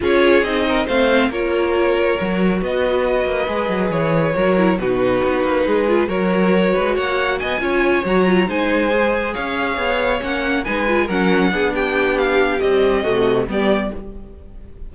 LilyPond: <<
  \new Staff \with { instrumentName = "violin" } { \time 4/4 \tempo 4 = 138 cis''4 dis''4 f''4 cis''4~ | cis''2 dis''2~ | dis''4 cis''2 b'4~ | b'2 cis''2 |
fis''4 gis''4. ais''4 gis''8~ | gis''4. f''2 fis''8~ | fis''8 gis''4 fis''4. g''4 | f''4 dis''2 d''4 | }
  \new Staff \with { instrumentName = "violin" } { \time 4/4 gis'4. ais'8 c''4 ais'4~ | ais'2 b'2~ | b'2 ais'4 fis'4~ | fis'4 gis'4 ais'4. b'8 |
cis''4 dis''8 cis''2 c''8~ | c''4. cis''2~ cis''8~ | cis''8 b'4 ais'4 gis'8 g'4~ | g'2 fis'4 g'4 | }
  \new Staff \with { instrumentName = "viola" } { \time 4/4 f'4 dis'4 c'4 f'4~ | f'4 fis'2. | gis'2 fis'8 e'8 dis'4~ | dis'4. f'8 fis'2~ |
fis'4. f'4 fis'8 f'8 dis'8~ | dis'8 gis'2. cis'8~ | cis'8 dis'8 f'8 cis'4 d'4.~ | d'4 g4 a4 b4 | }
  \new Staff \with { instrumentName = "cello" } { \time 4/4 cis'4 c'4 a4 ais4~ | ais4 fis4 b4. ais8 | gis8 fis8 e4 fis4 b,4 | b8 ais8 gis4 fis4. gis8 |
ais4 b8 cis'4 fis4 gis8~ | gis4. cis'4 b4 ais8~ | ais8 gis4 fis4 b4.~ | b4 c'4 c4 g4 | }
>>